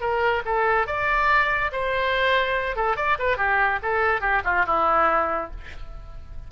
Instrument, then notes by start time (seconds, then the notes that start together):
oboe
0.00 A#4
0.45 A4
0.86 D5
1.72 C5
2.76 A4
2.96 D5
3.19 B4
3.37 G4
3.82 A4
4.20 G4
4.44 F4
4.66 E4